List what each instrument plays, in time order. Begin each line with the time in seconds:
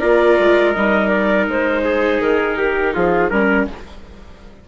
0.00 bassoon A#3, viola F4, trumpet A#4, clarinet D5
0.39 bassoon G#3
0.73 bassoon G3, viola D#4, clarinet D#5
1.08 clarinet D5
1.48 bassoon G#3, clarinet C5
1.84 trumpet G#4
2.20 bassoon D#3, clarinet A#4
2.57 trumpet G4
2.94 bassoon F3, trumpet F4, clarinet G#4
3.30 bassoon G3, viola C#4, clarinet A#4, trumpet A#4